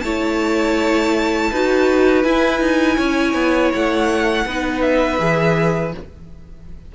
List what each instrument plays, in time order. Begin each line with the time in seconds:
0.00 cello A3, viola E4, violin C#5 A5
1.51 cello D#4, viola F#4, violin B4
2.23 viola E4, cello E4, violin G#5
2.60 cello D#4
2.96 cello C#4, violin C#5
3.34 cello B3
3.74 cello A3, violin F#5
4.45 cello B3, viola D#4, violin B4
4.81 violin E5
5.19 cello E3, viola G#4